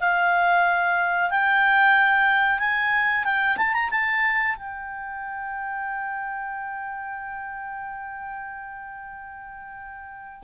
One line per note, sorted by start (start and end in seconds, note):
0.00 1.30 F5
1.30 2.59 G5
2.59 3.24 G#5
3.24 3.57 G5
3.57 3.74 A5
3.74 3.90 A#5
3.91 4.56 A5
4.56 10.43 G5